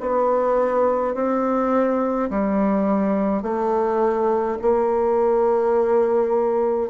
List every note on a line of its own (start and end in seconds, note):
0.00 1.14 B3
1.14 2.29 C4
2.30 3.42 G3
3.42 4.57 A3
4.61 6.89 A#3